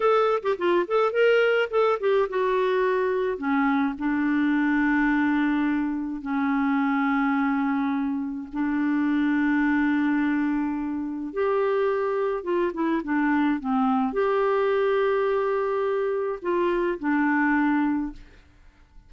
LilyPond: \new Staff \with { instrumentName = "clarinet" } { \time 4/4 \tempo 4 = 106 a'8. g'16 f'8 a'8 ais'4 a'8 g'8 | fis'2 cis'4 d'4~ | d'2. cis'4~ | cis'2. d'4~ |
d'1 | g'2 f'8 e'8 d'4 | c'4 g'2.~ | g'4 f'4 d'2 | }